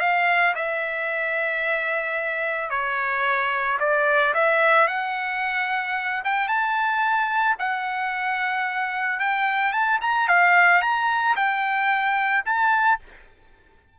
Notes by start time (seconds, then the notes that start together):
0.00 F5
0.55 E5
2.70 C#5
3.80 D5
4.34 E5
4.88 F#5
6.24 G5
6.48 A5
7.59 F#5
9.19 G5
9.72 A5
10.01 A#5
10.28 F5
10.82 A#5
11.36 G5
12.45 A5